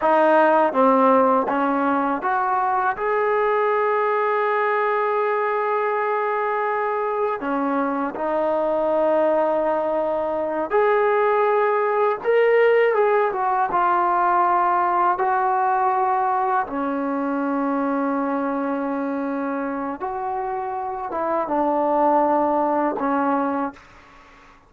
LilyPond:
\new Staff \with { instrumentName = "trombone" } { \time 4/4 \tempo 4 = 81 dis'4 c'4 cis'4 fis'4 | gis'1~ | gis'2 cis'4 dis'4~ | dis'2~ dis'8 gis'4.~ |
gis'8 ais'4 gis'8 fis'8 f'4.~ | f'8 fis'2 cis'4.~ | cis'2. fis'4~ | fis'8 e'8 d'2 cis'4 | }